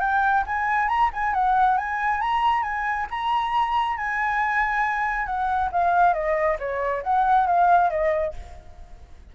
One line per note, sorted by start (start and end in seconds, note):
0.00 0.44 G5
0.46 0.88 G#5
0.88 1.10 A#5
1.13 1.34 G#5
1.34 1.77 F#5
1.77 2.21 G#5
2.21 2.63 A#5
2.63 3.07 G#5
3.10 3.97 A#5
3.97 5.26 G#5
5.26 5.70 F#5
5.72 6.13 F5
6.13 6.57 D#5
6.59 7.03 C#5
7.03 7.47 F#5
7.47 7.90 F5
7.90 8.34 D#5